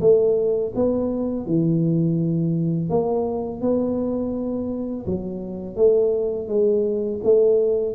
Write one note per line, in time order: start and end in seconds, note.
0.00 0.72 A3
0.75 1.46 B3
1.46 2.89 E3
2.89 3.61 A#3
3.61 5.05 B3
5.06 5.75 F#3
5.75 6.48 A3
6.48 7.20 G#3
7.23 7.95 A3